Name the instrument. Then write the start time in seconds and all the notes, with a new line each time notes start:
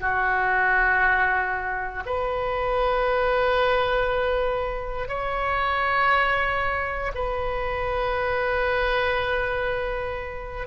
oboe
0.00 F#4
2.06 B4
5.08 C#5
7.14 B4